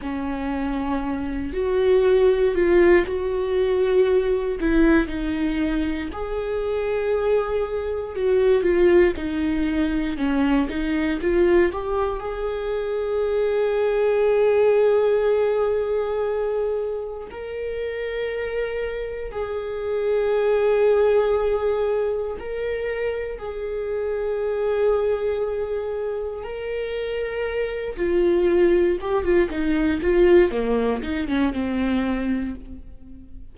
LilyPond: \new Staff \with { instrumentName = "viola" } { \time 4/4 \tempo 4 = 59 cis'4. fis'4 f'8 fis'4~ | fis'8 e'8 dis'4 gis'2 | fis'8 f'8 dis'4 cis'8 dis'8 f'8 g'8 | gis'1~ |
gis'4 ais'2 gis'4~ | gis'2 ais'4 gis'4~ | gis'2 ais'4. f'8~ | f'8 g'16 f'16 dis'8 f'8 ais8 dis'16 cis'16 c'4 | }